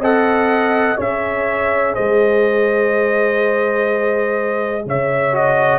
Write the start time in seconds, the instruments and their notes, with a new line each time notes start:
0.00 tuba C4, trombone A4, horn D#5, trumpet F#5
0.97 tuba C#4, trombone G#4, horn C#5, trumpet E5
1.95 tuba G#3, horn C5, trumpet D#5
4.86 tuba C#3, horn C#5, trumpet E5
5.33 trombone F#4, trumpet D#5